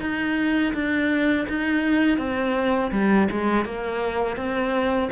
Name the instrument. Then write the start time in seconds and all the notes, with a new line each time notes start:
cello
0.00 D#4
0.74 D4
1.49 D#4
2.18 C4
2.91 G3
3.31 G#3
3.65 A#3
4.36 C4